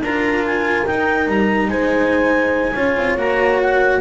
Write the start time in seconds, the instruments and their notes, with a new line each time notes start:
0.00 double bass D4, cello F4, horn A#4, clarinet A#5
0.46 clarinet G#5
0.86 cello D#4, double bass D#4, clarinet G5
1.27 double bass G3, clarinet A#5
1.68 double bass G#3, horn C5, clarinet G#5
2.75 double bass C#4, cello F4, horn C#5
2.96 double bass C4
3.17 double bass A#3, cello F#4, clarinet A#5
3.62 clarinet F#5